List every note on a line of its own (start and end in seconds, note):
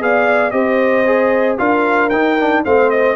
0.00 0.52 B3
0.00 0.51 G#4
0.00 0.54 D5
0.00 0.50 F5
0.50 1.57 C4
0.50 1.04 G4
0.50 1.58 C5
0.50 1.56 D#5
1.06 1.58 G#4
1.58 2.12 D4
1.58 2.11 F4
1.58 2.63 A#4
1.58 2.10 F5
2.10 2.65 D#4
2.10 2.39 D#4
2.10 2.62 G5
2.39 2.65 D4
2.64 3.16 A3
2.64 3.16 C4
2.64 3.16 C5
2.64 2.90 F5
2.90 3.16 D#5